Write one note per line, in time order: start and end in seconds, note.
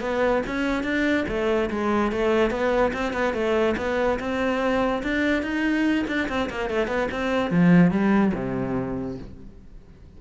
0.00 0.42 B3
0.46 0.83 C#4
0.83 1.25 D4
1.28 1.70 A3
1.70 2.12 G#3
2.12 2.50 A3
2.50 2.92 B3
2.93 3.13 C4
3.13 3.34 B3
3.34 3.75 A3
3.77 4.18 B3
4.19 5.02 C4
5.03 5.42 D4
5.42 6.05 D#4
6.07 6.28 D4
6.28 6.49 C4
6.49 6.70 A#3
6.70 6.87 A3
6.87 7.08 B3
7.11 7.50 C4
7.50 7.91 F3
7.91 8.32 G3
8.34 9.17 C3